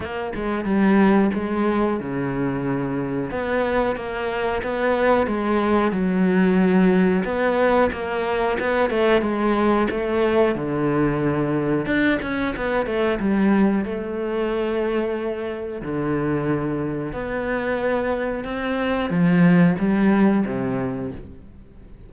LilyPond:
\new Staff \with { instrumentName = "cello" } { \time 4/4 \tempo 4 = 91 ais8 gis8 g4 gis4 cis4~ | cis4 b4 ais4 b4 | gis4 fis2 b4 | ais4 b8 a8 gis4 a4 |
d2 d'8 cis'8 b8 a8 | g4 a2. | d2 b2 | c'4 f4 g4 c4 | }